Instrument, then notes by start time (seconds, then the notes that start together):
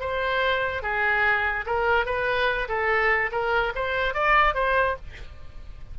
oboe
0.00 C5
0.83 G#4
1.66 A#4
2.06 B4
2.68 A4
3.32 A#4
3.76 C5
4.14 D5
4.55 C5